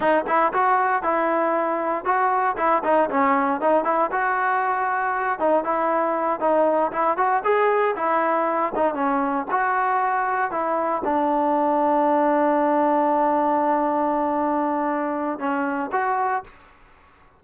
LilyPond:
\new Staff \with { instrumentName = "trombone" } { \time 4/4 \tempo 4 = 117 dis'8 e'8 fis'4 e'2 | fis'4 e'8 dis'8 cis'4 dis'8 e'8 | fis'2~ fis'8 dis'8 e'4~ | e'8 dis'4 e'8 fis'8 gis'4 e'8~ |
e'4 dis'8 cis'4 fis'4.~ | fis'8 e'4 d'2~ d'8~ | d'1~ | d'2 cis'4 fis'4 | }